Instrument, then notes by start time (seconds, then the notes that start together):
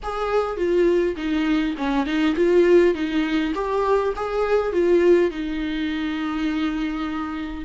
viola
0.02 G#4
0.56 F4
1.16 D#4
1.77 C#4
2.06 D#4
2.35 F4
2.94 D#4
3.55 G4
4.16 G#4
4.72 F4
5.30 D#4